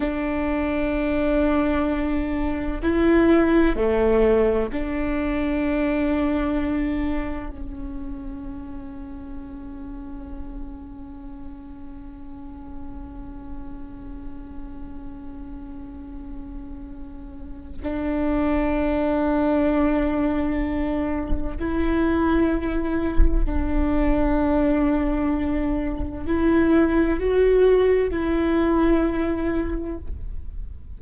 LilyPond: \new Staff \with { instrumentName = "viola" } { \time 4/4 \tempo 4 = 64 d'2. e'4 | a4 d'2. | cis'1~ | cis'1~ |
cis'2. d'4~ | d'2. e'4~ | e'4 d'2. | e'4 fis'4 e'2 | }